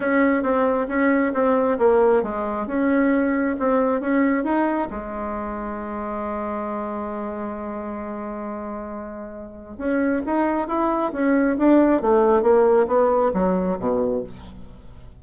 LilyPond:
\new Staff \with { instrumentName = "bassoon" } { \time 4/4 \tempo 4 = 135 cis'4 c'4 cis'4 c'4 | ais4 gis4 cis'2 | c'4 cis'4 dis'4 gis4~ | gis1~ |
gis1~ | gis2 cis'4 dis'4 | e'4 cis'4 d'4 a4 | ais4 b4 fis4 b,4 | }